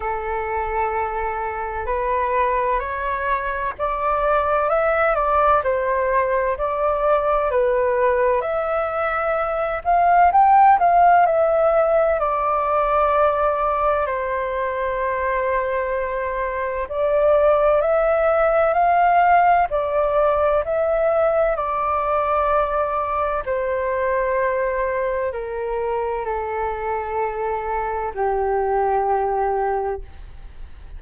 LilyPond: \new Staff \with { instrumentName = "flute" } { \time 4/4 \tempo 4 = 64 a'2 b'4 cis''4 | d''4 e''8 d''8 c''4 d''4 | b'4 e''4. f''8 g''8 f''8 | e''4 d''2 c''4~ |
c''2 d''4 e''4 | f''4 d''4 e''4 d''4~ | d''4 c''2 ais'4 | a'2 g'2 | }